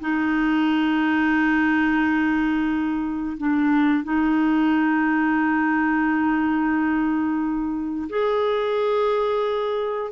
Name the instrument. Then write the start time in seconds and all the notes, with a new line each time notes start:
clarinet
0.00 D#4
3.37 D4
4.04 D#4
8.09 G#4